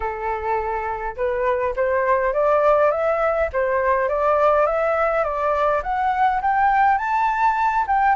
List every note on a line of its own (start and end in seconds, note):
0.00 1.15 A4
1.16 1.74 B4
1.76 2.33 C5
2.33 2.91 D5
2.91 3.49 E5
3.52 4.08 C5
4.08 4.66 D5
4.66 5.23 E5
5.23 5.82 D5
5.83 6.41 F#5
6.41 6.98 G5
6.98 7.85 A5
7.87 8.15 G5